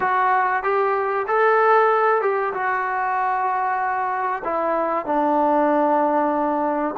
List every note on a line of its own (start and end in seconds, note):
0.00 0.63 F#4
0.63 1.26 G4
1.27 2.21 A4
2.21 2.53 G4
2.53 4.42 F#4
4.44 5.05 E4
5.05 6.95 D4